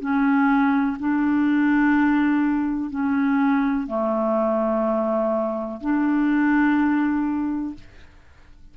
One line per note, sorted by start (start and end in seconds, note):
0.00 0.97 C#4
0.99 2.90 D4
2.90 3.87 C#4
3.87 5.80 A3
5.81 7.74 D4